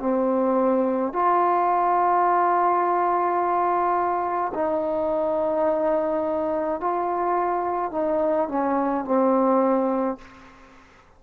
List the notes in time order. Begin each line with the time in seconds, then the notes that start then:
0.00 C4
1.13 F4
4.54 D#4
6.81 F4
7.92 D#4
8.49 C#4
9.05 C4